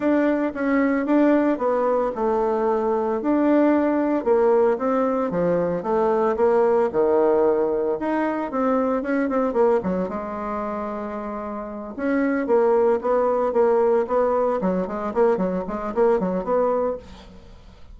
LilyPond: \new Staff \with { instrumentName = "bassoon" } { \time 4/4 \tempo 4 = 113 d'4 cis'4 d'4 b4 | a2 d'2 | ais4 c'4 f4 a4 | ais4 dis2 dis'4 |
c'4 cis'8 c'8 ais8 fis8 gis4~ | gis2~ gis8 cis'4 ais8~ | ais8 b4 ais4 b4 fis8 | gis8 ais8 fis8 gis8 ais8 fis8 b4 | }